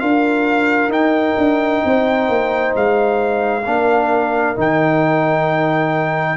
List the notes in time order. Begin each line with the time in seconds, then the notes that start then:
0.00 D4 F4 A#4 F5
0.89 D#4 G5
1.38 D4
1.85 C4 C5
2.29 A#3
2.76 G#3 F5
3.66 A#3 D4 A#4
4.56 D#3 D#4 G5